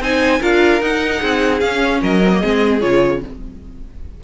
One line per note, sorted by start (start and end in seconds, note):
0.00 0.40 C4
0.00 0.41 D#4
0.00 0.41 C5
0.00 0.43 G#5
0.41 0.82 D4
0.41 0.82 F4
0.41 1.21 A#4
0.41 0.82 F5
0.82 1.22 D#4
0.82 1.61 D#4
0.82 1.60 F#5
1.21 1.62 C4
1.21 2.01 G#4
1.60 2.21 C#4
1.60 2.02 C#4
1.60 2.01 F5
2.02 2.43 F#3
2.02 2.40 A#4
2.02 2.81 D#5
2.25 2.34 C4
2.34 2.43 A#3
2.40 2.84 G#3
2.40 2.81 C4
2.40 3.21 G#4
2.81 3.24 C#3
2.81 3.21 F4
2.81 3.22 C#5